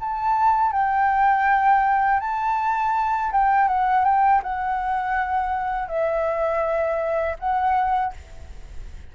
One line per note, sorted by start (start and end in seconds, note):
0.00 0.72 A5
0.72 2.20 G5
2.20 3.31 A5
3.32 3.68 G5
3.68 4.05 F#5
4.05 4.42 G5
4.43 5.88 F#5
5.88 7.36 E5
7.39 8.13 F#5